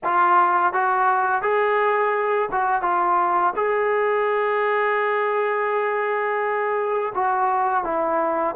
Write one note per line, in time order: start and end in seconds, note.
0.04 0.73 F4
0.73 1.42 F#4
1.42 2.49 G#4
2.51 2.82 F#4
2.82 3.53 F4
3.56 7.13 G#4
7.15 7.83 F#4
7.83 8.55 E4